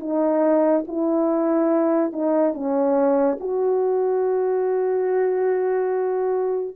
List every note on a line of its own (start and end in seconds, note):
0.00 0.85 D#4
0.88 2.13 E4
2.13 2.54 D#4
2.54 3.38 C#4
3.40 6.76 F#4